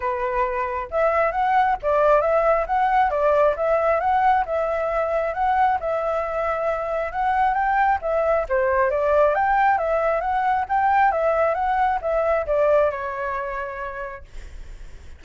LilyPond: \new Staff \with { instrumentName = "flute" } { \time 4/4 \tempo 4 = 135 b'2 e''4 fis''4 | d''4 e''4 fis''4 d''4 | e''4 fis''4 e''2 | fis''4 e''2. |
fis''4 g''4 e''4 c''4 | d''4 g''4 e''4 fis''4 | g''4 e''4 fis''4 e''4 | d''4 cis''2. | }